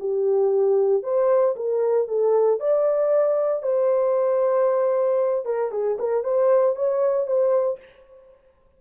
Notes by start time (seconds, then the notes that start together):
0.00 G4
1.03 C5
1.56 A#4
2.08 A4
2.60 D5
3.63 C5
5.46 A#4
5.72 G#4
5.99 A#4
6.24 C5
6.76 C#5
7.27 C5